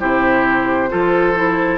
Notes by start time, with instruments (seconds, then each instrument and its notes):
0.00 bassoon C3, clarinet E4, oboe G4, flute C5
0.90 bassoon F3, clarinet F4, oboe A4
1.36 clarinet E4